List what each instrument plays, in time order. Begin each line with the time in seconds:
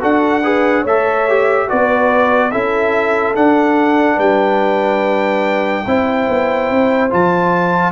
0.00 tuba D4, trombone F#4, horn A4, trumpet F#5
0.43 trombone G#4, horn B4
0.82 tuba A3, horn C#5, trumpet E5
0.88 trombone A4
1.29 trombone G4
1.68 tuba B3, trombone F#4, horn B4, trumpet D5
2.51 tuba C#4, trombone E4, horn A4, trumpet E5
3.35 trombone D4, tuba D4, trumpet F#5
4.16 tuba G3, horn B4, trumpet G5
5.86 tuba C4, trombone E4, horn C5
6.29 tuba B3
6.70 tuba C4
7.10 tuba F3, trombone F4, trumpet A5